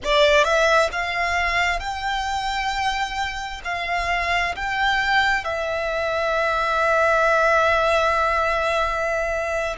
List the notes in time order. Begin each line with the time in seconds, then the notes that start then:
0.03 D5
0.43 E5
0.92 F5
1.79 G5
3.64 F5
4.55 G5
5.44 E5